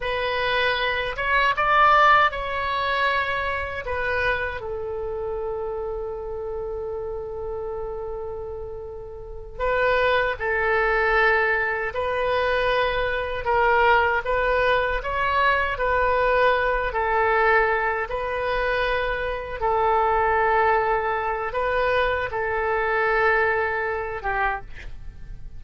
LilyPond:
\new Staff \with { instrumentName = "oboe" } { \time 4/4 \tempo 4 = 78 b'4. cis''8 d''4 cis''4~ | cis''4 b'4 a'2~ | a'1~ | a'8 b'4 a'2 b'8~ |
b'4. ais'4 b'4 cis''8~ | cis''8 b'4. a'4. b'8~ | b'4. a'2~ a'8 | b'4 a'2~ a'8 g'8 | }